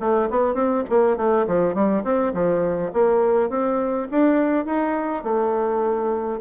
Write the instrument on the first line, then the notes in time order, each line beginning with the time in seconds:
bassoon
0.00 A3
0.30 B3
0.55 C4
0.90 A#3
1.17 A3
1.47 F3
1.74 G3
2.04 C4
2.34 F3
2.93 A#3
3.50 C4
4.11 D4
4.66 D#4
5.24 A3